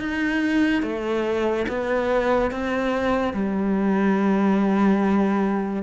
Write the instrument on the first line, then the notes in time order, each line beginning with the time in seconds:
cello
0.00 D#4
0.83 A3
1.69 B3
2.52 C4
3.34 G3